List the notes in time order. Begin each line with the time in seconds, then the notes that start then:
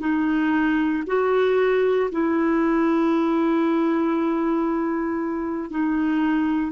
0.00 D#4
1.07 F#4
2.12 E4
5.70 D#4